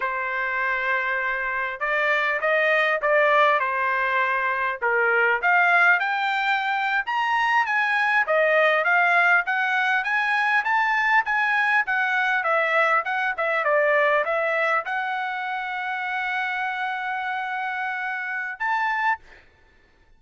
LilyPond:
\new Staff \with { instrumentName = "trumpet" } { \time 4/4 \tempo 4 = 100 c''2. d''4 | dis''4 d''4 c''2 | ais'4 f''4 g''4.~ g''16 ais''16~ | ais''8. gis''4 dis''4 f''4 fis''16~ |
fis''8. gis''4 a''4 gis''4 fis''16~ | fis''8. e''4 fis''8 e''8 d''4 e''16~ | e''8. fis''2.~ fis''16~ | fis''2. a''4 | }